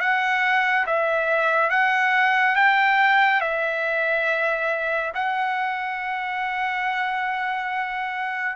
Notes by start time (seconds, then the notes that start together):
0.00 F#5
0.86 E5
1.70 F#5
2.56 G5
3.41 E5
5.15 F#5